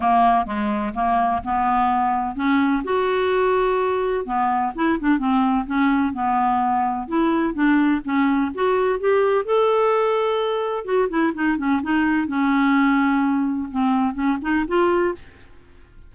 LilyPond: \new Staff \with { instrumentName = "clarinet" } { \time 4/4 \tempo 4 = 127 ais4 gis4 ais4 b4~ | b4 cis'4 fis'2~ | fis'4 b4 e'8 d'8 c'4 | cis'4 b2 e'4 |
d'4 cis'4 fis'4 g'4 | a'2. fis'8 e'8 | dis'8 cis'8 dis'4 cis'2~ | cis'4 c'4 cis'8 dis'8 f'4 | }